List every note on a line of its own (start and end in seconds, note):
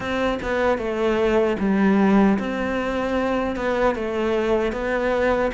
0.00 0.38 C4
0.42 0.78 B3
0.78 1.56 A3
1.59 2.38 G3
2.38 3.56 C4
3.56 3.95 B3
3.95 4.72 A3
4.72 5.51 B3